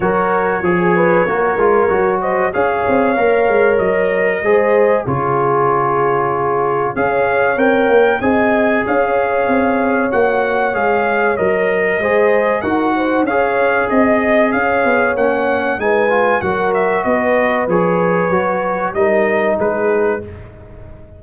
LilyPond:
<<
  \new Staff \with { instrumentName = "trumpet" } { \time 4/4 \tempo 4 = 95 cis''2.~ cis''8 dis''8 | f''2 dis''2 | cis''2. f''4 | g''4 gis''4 f''2 |
fis''4 f''4 dis''2 | fis''4 f''4 dis''4 f''4 | fis''4 gis''4 fis''8 e''8 dis''4 | cis''2 dis''4 b'4 | }
  \new Staff \with { instrumentName = "horn" } { \time 4/4 ais'4 gis'8 b'8 ais'4. c''8 | cis''2. c''4 | gis'2. cis''4~ | cis''4 dis''4 cis''2~ |
cis''2. c''4 | ais'8 c''8 cis''4 dis''4 cis''4~ | cis''4 b'4 ais'4 b'4~ | b'2 ais'4 gis'4 | }
  \new Staff \with { instrumentName = "trombone" } { \time 4/4 fis'4 gis'4 fis'8 f'8 fis'4 | gis'4 ais'2 gis'4 | f'2. gis'4 | ais'4 gis'2. |
fis'4 gis'4 ais'4 gis'4 | fis'4 gis'2. | cis'4 dis'8 f'8 fis'2 | gis'4 fis'4 dis'2 | }
  \new Staff \with { instrumentName = "tuba" } { \time 4/4 fis4 f4 ais8 gis8 fis4 | cis'8 c'8 ais8 gis8 fis4 gis4 | cis2. cis'4 | c'8 ais8 c'4 cis'4 c'4 |
ais4 gis4 fis4 gis4 | dis'4 cis'4 c'4 cis'8 b8 | ais4 gis4 fis4 b4 | f4 fis4 g4 gis4 | }
>>